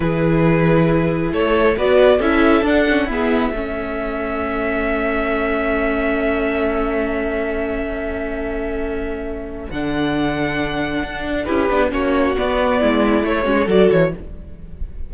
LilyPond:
<<
  \new Staff \with { instrumentName = "violin" } { \time 4/4 \tempo 4 = 136 b'2. cis''4 | d''4 e''4 fis''4 e''4~ | e''1~ | e''1~ |
e''1~ | e''2 fis''2~ | fis''2 b'4 cis''4 | d''2 cis''4 d''8 cis''8 | }
  \new Staff \with { instrumentName = "violin" } { \time 4/4 gis'2. a'4 | b'4 a'2 gis'4 | a'1~ | a'1~ |
a'1~ | a'1~ | a'2 g'4 fis'4~ | fis'4 e'4. fis'16 gis'16 a'4 | }
  \new Staff \with { instrumentName = "viola" } { \time 4/4 e'1 | fis'4 e'4 d'8 cis'8 b4 | cis'1~ | cis'1~ |
cis'1~ | cis'2 d'2~ | d'2 e'8 d'8 cis'4 | b2 a8 cis'8 fis'4 | }
  \new Staff \with { instrumentName = "cello" } { \time 4/4 e2. a4 | b4 cis'4 d'4 e'4 | a1~ | a1~ |
a1~ | a2 d2~ | d4 d'4 cis'8 b8 ais4 | b4 gis4 a8 gis8 fis8 e8 | }
>>